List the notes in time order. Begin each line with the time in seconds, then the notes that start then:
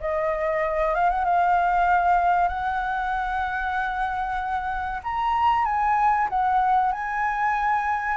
0.00 D#5
0.94 F5
1.10 F#5
1.25 F5
2.48 F#5
5.03 A#5
5.65 G#5
6.29 F#5
6.92 G#5